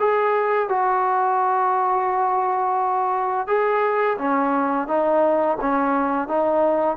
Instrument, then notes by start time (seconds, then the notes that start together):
trombone
0.00 G#4
0.69 F#4
3.48 G#4
4.18 C#4
4.88 D#4
5.61 C#4
6.28 D#4